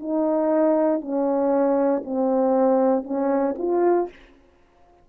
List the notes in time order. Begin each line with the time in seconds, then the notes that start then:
0.00 D#4
1.01 C#4
2.04 C4
3.04 C#4
3.58 F4